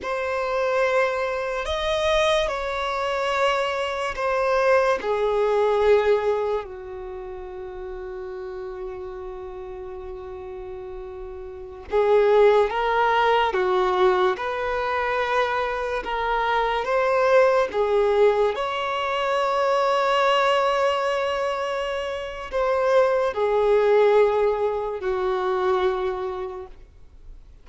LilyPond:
\new Staff \with { instrumentName = "violin" } { \time 4/4 \tempo 4 = 72 c''2 dis''4 cis''4~ | cis''4 c''4 gis'2 | fis'1~ | fis'2~ fis'16 gis'4 ais'8.~ |
ais'16 fis'4 b'2 ais'8.~ | ais'16 c''4 gis'4 cis''4.~ cis''16~ | cis''2. c''4 | gis'2 fis'2 | }